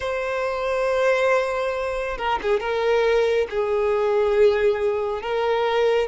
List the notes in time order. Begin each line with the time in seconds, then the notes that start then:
0.00 C5
2.17 A#4
2.42 G#4
2.60 A#4
3.49 G#4
5.22 A#4